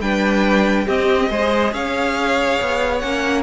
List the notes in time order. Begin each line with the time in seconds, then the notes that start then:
0.00 G3 D4 B4 G5
0.85 C4 G4 D#5
1.29 G#3 G#4 C5
1.73 C#4 C#5 F5
2.61 B3
2.99 A#3 C#4 F#5